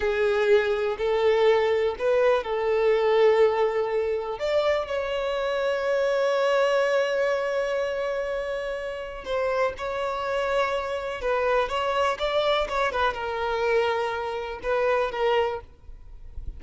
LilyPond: \new Staff \with { instrumentName = "violin" } { \time 4/4 \tempo 4 = 123 gis'2 a'2 | b'4 a'2.~ | a'4 d''4 cis''2~ | cis''1~ |
cis''2. c''4 | cis''2. b'4 | cis''4 d''4 cis''8 b'8 ais'4~ | ais'2 b'4 ais'4 | }